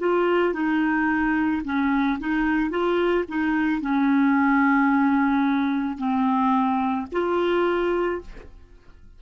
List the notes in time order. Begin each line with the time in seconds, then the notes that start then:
0.00 F4
0.54 D#4
1.65 C#4
2.20 D#4
2.70 F4
3.28 D#4
3.81 C#4
5.98 C4
7.13 F4